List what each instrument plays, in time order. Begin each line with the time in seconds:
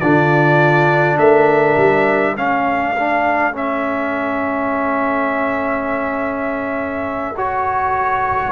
0.00 tuba D3, trombone D4, horn F4, trumpet D5
1.18 tuba A3, horn A#4, trumpet E5
1.77 tuba G3
2.35 tuba A3, trombone C#4, horn A4, trumpet F5
2.97 trombone D4
3.53 trombone C#4, trumpet E5
7.37 trombone F#4, trumpet C#5